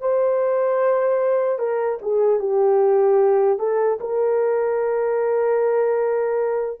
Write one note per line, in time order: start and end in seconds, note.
0.00 1.58 C5
1.58 1.98 A#4
2.02 2.39 G#4
2.39 3.58 G4
3.58 3.98 A4
4.00 6.80 A#4